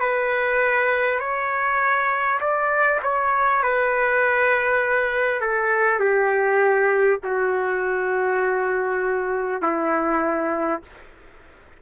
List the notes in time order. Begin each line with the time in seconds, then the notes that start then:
0.00 B4
1.20 C#5
2.41 D5
3.03 C#5
3.63 B4
5.41 A4
6.00 G4
7.23 F#4
9.62 E4